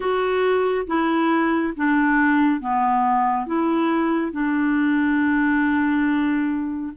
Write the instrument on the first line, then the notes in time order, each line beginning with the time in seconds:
clarinet
0.00 F#4
0.86 E4
1.76 D4
2.60 B3
3.46 E4
4.32 D4